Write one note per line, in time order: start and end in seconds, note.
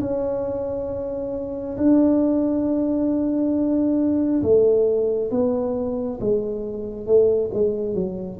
0.00 1.76 C#4
1.77 4.42 D4
4.42 5.30 A3
5.31 6.19 B3
6.20 7.06 G#3
7.06 7.50 A3
7.54 7.94 G#3
7.94 8.38 F#3